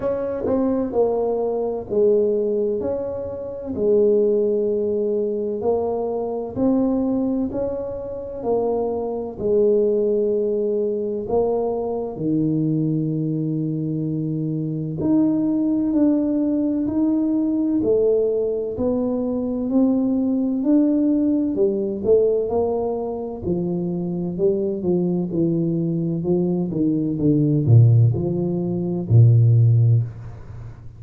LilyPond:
\new Staff \with { instrumentName = "tuba" } { \time 4/4 \tempo 4 = 64 cis'8 c'8 ais4 gis4 cis'4 | gis2 ais4 c'4 | cis'4 ais4 gis2 | ais4 dis2. |
dis'4 d'4 dis'4 a4 | b4 c'4 d'4 g8 a8 | ais4 f4 g8 f8 e4 | f8 dis8 d8 ais,8 f4 ais,4 | }